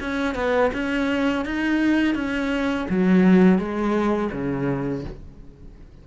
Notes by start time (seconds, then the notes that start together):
0.00 C#4
0.35 B3
0.73 C#4
1.45 D#4
2.14 C#4
2.89 F#3
3.58 G#3
4.32 C#3